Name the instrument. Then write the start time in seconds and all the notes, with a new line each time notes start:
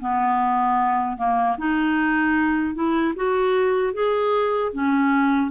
clarinet
0.00 B3
1.17 A#3
1.58 D#4
2.74 E4
3.15 F#4
3.93 G#4
4.72 C#4